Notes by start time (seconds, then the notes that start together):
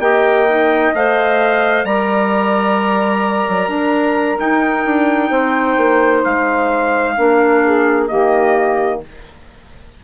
0.00 A#3 G4 D#5 G5
0.49 D#4
0.94 A3 C5 F5
1.85 G3 A#4 D5 A#5
3.49 F#3
3.68 D4 A#4
4.39 D#4 G5
4.86 D4
5.30 C4 C5
5.77 A#3
6.24 G#3 F5
7.18 A#3 D4 A#4
7.64 G#4
8.08 D#3 A#3 G4 D#5